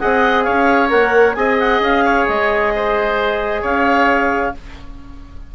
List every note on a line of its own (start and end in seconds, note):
0.00 0.49 C4
0.00 0.90 G#4
0.00 0.45 D#5
0.00 0.44 F#5
0.44 0.93 C#4
0.44 1.36 C#5
0.44 0.89 F5
0.90 1.37 A#3
0.90 1.35 A#4
0.90 1.34 F#5
1.34 1.80 C4
1.34 4.55 G#4
1.34 2.05 D#5
1.34 1.57 G#5
1.60 1.83 F#5
1.80 2.26 C#4
1.80 2.27 F5
2.05 2.73 C#5
2.27 3.63 G#3
2.27 3.64 D#5
2.76 3.62 C5
3.62 4.54 C#4
3.62 4.53 C#5
3.62 4.55 F5